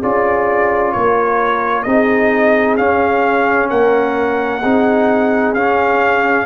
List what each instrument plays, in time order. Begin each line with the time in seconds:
0.00 tuba C#4, trombone F4, horn G#4, trumpet D5
0.92 tuba A#3, horn A#4, trumpet C#5
1.83 tuba C4, trombone D#4, horn G#4, trumpet D#5
2.77 trombone C#4, tuba C#4, trumpet F5
3.70 tuba A#3, horn A#4, trumpet F#5
4.61 tuba C4, trombone D#4, horn G#4
5.54 tuba C#4, trombone C#4, trumpet F5